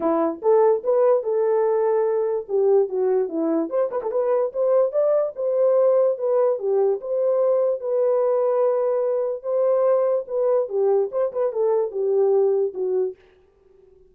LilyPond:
\new Staff \with { instrumentName = "horn" } { \time 4/4 \tempo 4 = 146 e'4 a'4 b'4 a'4~ | a'2 g'4 fis'4 | e'4 c''8 b'16 a'16 b'4 c''4 | d''4 c''2 b'4 |
g'4 c''2 b'4~ | b'2. c''4~ | c''4 b'4 g'4 c''8 b'8 | a'4 g'2 fis'4 | }